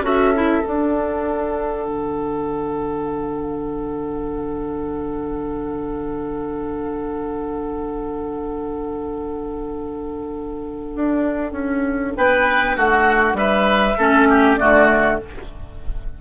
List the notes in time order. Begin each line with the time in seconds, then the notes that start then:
0.00 C#4 F#4 A4 E5
0.35 E4
0.62 D4 F#5
1.87 D3
10.95 D4
11.52 C#4
12.16 B3 B4 G5
12.76 A3 F#4 F#5
13.33 G3 B4 E5
13.98 A3 C#4 A4
14.29 G4
14.56 D3 A3 F#4 D5